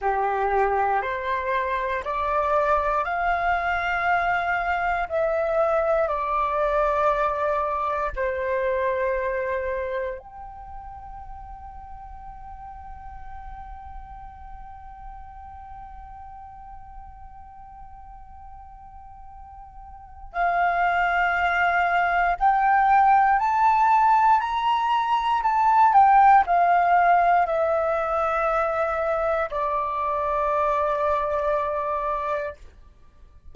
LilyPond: \new Staff \with { instrumentName = "flute" } { \time 4/4 \tempo 4 = 59 g'4 c''4 d''4 f''4~ | f''4 e''4 d''2 | c''2 g''2~ | g''1~ |
g''1 | f''2 g''4 a''4 | ais''4 a''8 g''8 f''4 e''4~ | e''4 d''2. | }